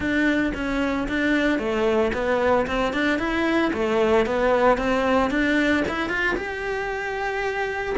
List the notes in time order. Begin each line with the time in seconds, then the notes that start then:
0.00 D4
0.54 C#4
1.08 D4
1.58 A3
2.13 B3
2.67 C4
2.93 D4
3.18 E4
3.73 A3
4.26 B3
4.77 C4
5.30 D4
5.88 E4
6.09 F4
6.36 G4